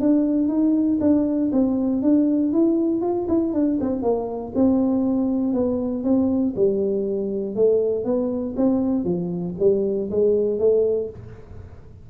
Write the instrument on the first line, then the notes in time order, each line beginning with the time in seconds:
tuba
0.00 D4
0.48 D#4
1.00 D4
1.52 C4
2.02 D4
2.53 E4
3.01 F4
3.28 E4
3.53 D4
3.80 C4
4.02 A#3
4.55 C4
5.53 B3
6.04 C4
6.56 G3
7.55 A3
8.04 B3
8.56 C4
9.04 F3
9.59 G3
10.11 G#3
10.59 A3